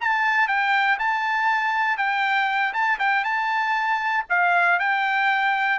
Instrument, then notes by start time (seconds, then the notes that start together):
trumpet
0.00 A5
0.47 G5
0.99 A5
1.97 G5
2.73 A5
2.99 G5
3.24 A5
4.29 F5
4.79 G5